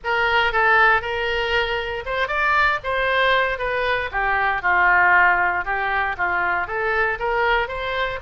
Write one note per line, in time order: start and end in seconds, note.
0.04 0.52 A#4
0.52 1.01 A4
1.01 2.04 A#4
2.05 2.27 C5
2.27 2.79 D5
2.83 3.58 C5
3.58 4.09 B4
4.11 4.62 G4
4.62 5.64 F4
5.64 6.16 G4
6.17 6.67 F4
6.67 7.18 A4
7.19 7.68 A#4
7.68 8.19 C5